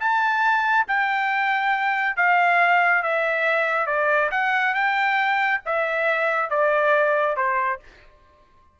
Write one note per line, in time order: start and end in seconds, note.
0.00 0.86 A5
0.88 2.17 G5
2.17 3.03 F5
3.03 3.87 E5
3.87 4.30 D5
4.31 4.75 F#5
4.75 5.61 G5
5.66 6.50 E5
6.50 7.37 D5
7.37 7.80 C5